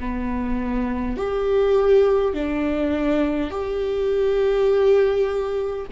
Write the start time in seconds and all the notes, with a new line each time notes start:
0.00 B3
1.18 G4
2.34 D4
3.51 G4